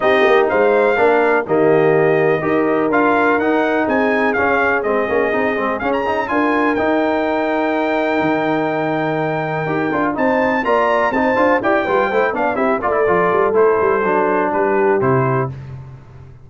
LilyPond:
<<
  \new Staff \with { instrumentName = "trumpet" } { \time 4/4 \tempo 4 = 124 dis''4 f''2 dis''4~ | dis''2 f''4 fis''4 | gis''4 f''4 dis''2 | f''16 ais''8. gis''4 g''2~ |
g''1~ | g''4 a''4 ais''4 a''4 | g''4. f''8 e''8 d''4. | c''2 b'4 c''4 | }
  \new Staff \with { instrumentName = "horn" } { \time 4/4 g'4 c''4 ais'4 g'4~ | g'4 ais'2. | gis'1~ | gis'4 ais'2.~ |
ais'1~ | ais'4 c''4 d''4 c''4 | d''8 b'8 c''8 d''8 g'8 a'4.~ | a'2 g'2 | }
  \new Staff \with { instrumentName = "trombone" } { \time 4/4 dis'2 d'4 ais4~ | ais4 g'4 f'4 dis'4~ | dis'4 cis'4 c'8 cis'8 dis'8 c'8 | cis'8 dis'8 f'4 dis'2~ |
dis'1 | g'8 f'8 dis'4 f'4 dis'8 f'8 | g'8 f'8 e'8 d'8 e'8 f'16 e'16 f'4 | e'4 d'2 e'4 | }
  \new Staff \with { instrumentName = "tuba" } { \time 4/4 c'8 ais8 gis4 ais4 dis4~ | dis4 dis'4 d'4 dis'4 | c'4 cis'4 gis8 ais8 c'8 gis8 | cis'4 d'4 dis'2~ |
dis'4 dis2. | dis'8 d'8 c'4 ais4 c'8 d'8 | e'8 g8 a8 b8 c'8 a8 f8 g8 | a8 g8 fis4 g4 c4 | }
>>